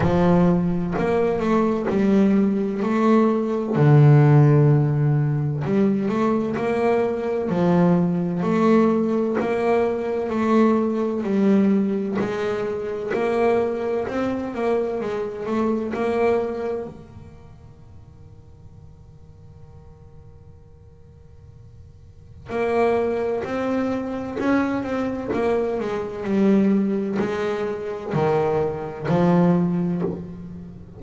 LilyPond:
\new Staff \with { instrumentName = "double bass" } { \time 4/4 \tempo 4 = 64 f4 ais8 a8 g4 a4 | d2 g8 a8 ais4 | f4 a4 ais4 a4 | g4 gis4 ais4 c'8 ais8 |
gis8 a8 ais4 dis2~ | dis1 | ais4 c'4 cis'8 c'8 ais8 gis8 | g4 gis4 dis4 f4 | }